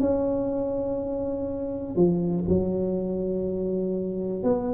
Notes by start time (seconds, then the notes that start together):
0.00 C#4
1.96 F3
2.48 F#3
4.43 B3